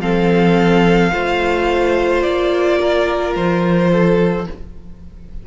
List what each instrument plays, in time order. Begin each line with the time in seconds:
0.00 cello F3, viola C4, violin A4 F5
1.12 cello A3, viola F4, violin C5
2.22 cello A#3, violin D5
2.80 violin A#4
3.35 cello F3, violin C5
3.92 violin A4